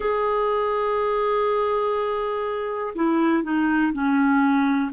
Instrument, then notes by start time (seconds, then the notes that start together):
clarinet
0.00 G#4
2.95 E4
3.43 D#4
3.93 C#4